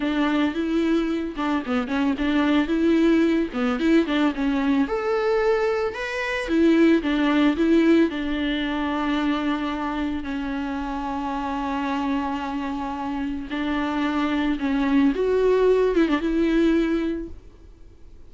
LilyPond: \new Staff \with { instrumentName = "viola" } { \time 4/4 \tempo 4 = 111 d'4 e'4. d'8 b8 cis'8 | d'4 e'4. b8 e'8 d'8 | cis'4 a'2 b'4 | e'4 d'4 e'4 d'4~ |
d'2. cis'4~ | cis'1~ | cis'4 d'2 cis'4 | fis'4. e'16 d'16 e'2 | }